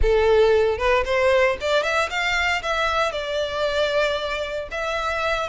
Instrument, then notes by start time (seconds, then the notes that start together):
violin
0.01 A4
0.78 B4
1.05 C5
1.60 D5
1.83 E5
2.10 F5
2.62 E5
3.12 D5
4.71 E5